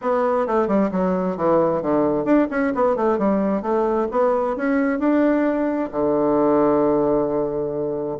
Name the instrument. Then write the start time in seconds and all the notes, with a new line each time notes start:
bassoon
0.01 B3
0.46 A3
0.67 G3
0.91 F#3
1.36 E3
1.82 D3
2.24 D4
2.50 C#4
2.74 B3
2.95 A3
3.18 G3
3.62 A3
4.11 B3
4.56 C#4
4.99 D4
5.91 D3